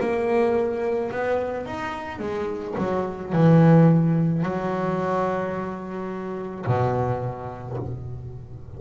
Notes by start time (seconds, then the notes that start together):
0.00 A#3
1.11 B3
1.66 D#4
2.19 G#3
2.77 F#3
3.32 E3
4.43 F#3
6.66 B2